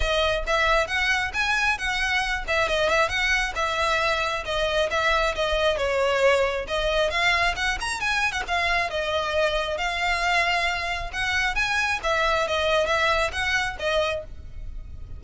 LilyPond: \new Staff \with { instrumentName = "violin" } { \time 4/4 \tempo 4 = 135 dis''4 e''4 fis''4 gis''4 | fis''4. e''8 dis''8 e''8 fis''4 | e''2 dis''4 e''4 | dis''4 cis''2 dis''4 |
f''4 fis''8 ais''8 gis''8. fis''16 f''4 | dis''2 f''2~ | f''4 fis''4 gis''4 e''4 | dis''4 e''4 fis''4 dis''4 | }